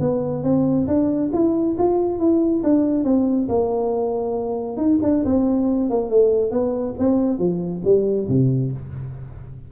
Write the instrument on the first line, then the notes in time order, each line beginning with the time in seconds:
tuba
0.00 B3
0.43 C4
0.87 D4
1.33 E4
1.78 F4
2.19 E4
2.63 D4
3.04 C4
3.49 A#3
4.77 D#4
5.02 D4
5.25 C4
5.90 A#3
6.10 A3
6.51 B3
6.99 C4
7.39 F3
7.84 G3
8.28 C3